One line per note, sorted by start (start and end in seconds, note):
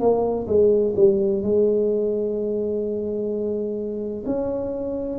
0.00 0.47 A#3
0.48 0.95 G#3
0.96 1.43 G3
1.43 4.24 G#3
4.26 5.19 C#4